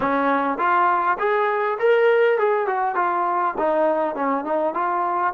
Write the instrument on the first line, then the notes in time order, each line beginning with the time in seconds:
trombone
0.00 C#4
0.58 F4
1.18 G#4
1.79 A#4
2.38 G#4
2.66 F#4
2.95 F4
3.58 D#4
4.14 C#4
4.44 D#4
4.74 F4